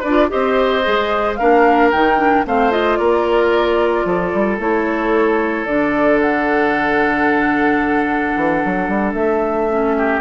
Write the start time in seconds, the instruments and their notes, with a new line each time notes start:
0.00 bassoon D4, oboe B4, flute D5
0.09 clarinet F4
0.29 bassoon C4, clarinet G4, oboe C5, flute D#5
0.83 bassoon G#3, clarinet G#4
1.35 bassoon A#3, clarinet D4, oboe A#4, flute F5
1.91 bassoon D#3, clarinet D#4, flute G5
2.18 clarinet D4
2.46 bassoon A3, clarinet C4, oboe C5, flute F5
2.71 clarinet F4, flute D#5
2.97 bassoon A#3, oboe A#4, flute D5
4.05 bassoon F3, oboe A4
4.33 bassoon G3
4.59 bassoon A3, clarinet E4, flute C#5
5.66 bassoon D3, clarinet D4, flute D5
6.20 flute F#5
8.36 bassoon E3
8.65 bassoon F#3
8.88 bassoon G3
9.13 bassoon A3, flute E5
9.69 clarinet C#4
9.97 oboe G4